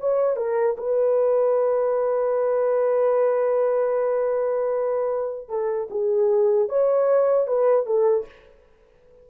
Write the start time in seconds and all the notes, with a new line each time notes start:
0.00 C#5
0.37 A#4
0.78 B4
5.49 A4
5.90 G#4
6.69 C#5
7.47 B4
7.86 A4